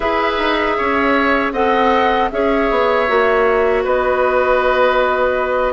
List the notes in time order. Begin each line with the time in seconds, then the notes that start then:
0.00 E4 G#4 B4 E5
0.38 D#4
0.77 C#4 C#5
1.52 C4 A4 D#5 F#5
2.30 C#4 G#4 C#5 E5
2.70 B3
3.07 A#3 F#4
3.83 B3 B4 D#5